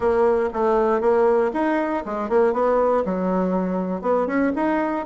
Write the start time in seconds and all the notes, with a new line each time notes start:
0.00 A#3
0.53 A3
1.00 A#3
1.53 D#4
2.05 G#3
2.29 A#3
2.53 B3
3.05 F#3
4.01 B3
4.27 C#4
4.55 D#4